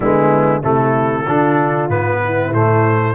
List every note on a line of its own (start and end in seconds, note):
0.00 0.62 D3
0.00 0.62 G#3
0.00 0.61 B3
0.00 0.61 E4
0.61 1.26 C3
0.61 1.26 A3
0.61 1.24 E4
0.61 1.89 A4
1.26 1.88 D3
1.26 1.90 D4
1.26 2.21 F4
1.88 2.51 G#2
1.88 2.53 B3
1.88 2.52 B4
2.24 3.14 E4
2.51 3.14 A2
2.51 3.14 A3
2.51 3.14 C5